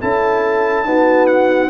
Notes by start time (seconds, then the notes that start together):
0.00 C#4 E4 A4 A5
0.84 B3 D#4 F#4
1.26 F#5